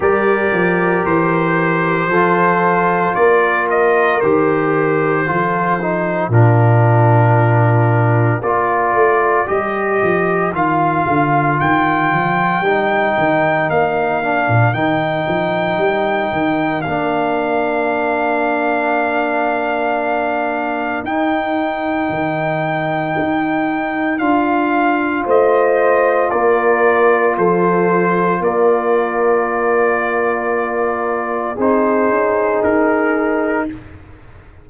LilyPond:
<<
  \new Staff \with { instrumentName = "trumpet" } { \time 4/4 \tempo 4 = 57 d''4 c''2 d''8 dis''8 | c''2 ais'2 | d''4 dis''4 f''4 g''4~ | g''4 f''4 g''2 |
f''1 | g''2. f''4 | dis''4 d''4 c''4 d''4~ | d''2 c''4 ais'4 | }
  \new Staff \with { instrumentName = "horn" } { \time 4/4 ais'2 a'4 ais'4~ | ais'4 a'4 f'2 | ais'1~ | ais'1~ |
ais'1~ | ais'1 | c''4 ais'4 a'4 ais'4~ | ais'2 gis'2 | }
  \new Staff \with { instrumentName = "trombone" } { \time 4/4 g'2 f'2 | g'4 f'8 dis'8 d'2 | f'4 g'4 f'2 | dis'4. d'8 dis'2 |
d'1 | dis'2. f'4~ | f'1~ | f'2 dis'2 | }
  \new Staff \with { instrumentName = "tuba" } { \time 4/4 g8 f8 e4 f4 ais4 | dis4 f4 ais,2 | ais8 a8 g8 f8 dis8 d8 dis8 f8 | g8 dis8 ais8. ais,16 dis8 f8 g8 dis8 |
ais1 | dis'4 dis4 dis'4 d'4 | a4 ais4 f4 ais4~ | ais2 c'8 cis'8 dis'4 | }
>>